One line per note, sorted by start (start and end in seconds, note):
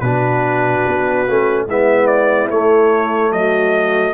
0.00 0.84 B2
0.00 1.27 D4
0.00 1.66 F#4
0.00 1.64 B4
0.87 1.28 B3
1.28 1.68 A3
1.28 1.69 C#4
1.66 2.50 G#3
1.66 2.51 B3
1.66 3.30 E4
1.66 2.07 E5
2.07 2.48 D5
2.50 3.32 A3
2.50 4.14 A3
2.50 3.32 C#5
3.31 4.14 F#3
3.31 4.14 F#4
3.31 4.14 D#5